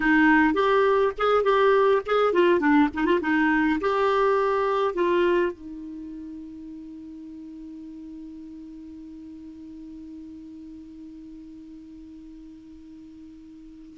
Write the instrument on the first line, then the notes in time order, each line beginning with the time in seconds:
clarinet
0.00 D#4
0.54 G4
1.18 G#4
1.43 G4
2.05 G#4
2.33 F4
2.59 D4
2.93 D#4
3.05 F4
3.21 D#4
3.80 G4
4.94 F4
5.52 D#4